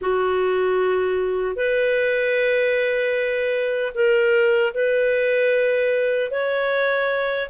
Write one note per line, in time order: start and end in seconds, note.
0.01 1.56 F#4
1.56 3.93 B4
3.94 4.73 A#4
4.74 6.31 B4
6.31 7.49 C#5